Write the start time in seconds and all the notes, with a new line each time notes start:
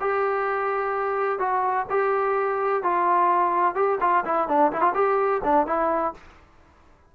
0.00 G4
1.39 F#4
1.89 G4
2.83 F4
3.75 G4
4.00 F4
4.25 E4
4.48 D4
4.72 E4
4.81 F4
4.94 G4
5.43 D4
5.66 E4